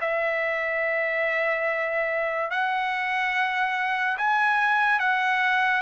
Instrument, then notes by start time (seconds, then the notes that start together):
trumpet
0.00 E5
2.50 F#5
4.17 G#5
4.99 F#5